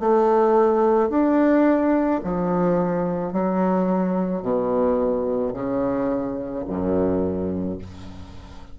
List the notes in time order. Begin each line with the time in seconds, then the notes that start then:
0.00 A3
1.10 D4
2.24 F3
3.33 F#3
4.42 B2
5.54 C#3
6.67 F#2